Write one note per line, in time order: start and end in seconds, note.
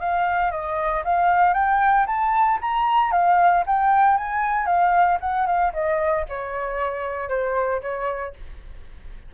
0.00 0.51 F5
0.51 1.03 D#5
1.04 1.53 F5
1.53 2.06 G5
2.06 2.58 A5
2.61 3.12 A#5
3.12 3.64 F5
3.66 4.17 G5
4.17 4.66 G#5
4.66 5.18 F5
5.20 5.46 F#5
5.46 5.72 F5
5.73 6.25 D#5
6.29 7.29 C#5
7.29 7.81 C5
7.81 8.34 C#5